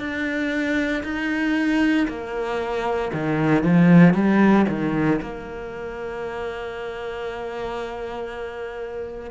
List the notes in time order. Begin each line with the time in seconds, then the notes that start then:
0.00 D4
1.04 D#4
2.08 A#3
3.14 D#3
3.63 F3
4.14 G3
4.69 D#3
5.22 A#3